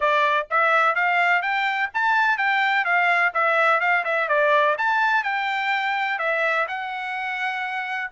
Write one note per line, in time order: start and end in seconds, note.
0.00 0.47 D5
0.50 0.95 E5
0.95 1.42 F5
1.42 1.89 G5
1.94 2.37 A5
2.37 2.84 G5
2.84 3.32 F5
3.34 3.80 E5
3.80 4.04 F5
4.04 4.28 E5
4.28 4.76 D5
4.77 5.23 A5
5.23 6.18 G5
6.18 6.66 E5
6.68 8.11 F#5